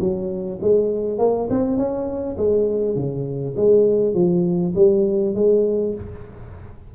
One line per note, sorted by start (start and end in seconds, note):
0.00 0.59 F#3
0.62 1.19 G#3
1.19 1.49 A#3
1.50 1.78 C4
1.78 2.37 C#4
2.38 2.96 G#3
2.96 3.55 C#3
3.57 4.14 G#3
4.14 4.74 F3
4.76 5.35 G3
5.35 5.95 G#3